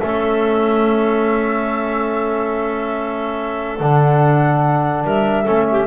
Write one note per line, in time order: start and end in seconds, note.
0.00 3.80 A3
0.00 3.80 C#4
0.00 5.05 A4
0.00 3.78 E5
3.79 5.04 D3
3.79 5.45 D4
3.79 5.05 F#5
5.04 5.46 G3
5.04 5.44 A#4
5.04 5.87 E5
5.44 5.87 A3
5.44 5.87 C#4
5.44 5.65 A4
5.71 5.87 G4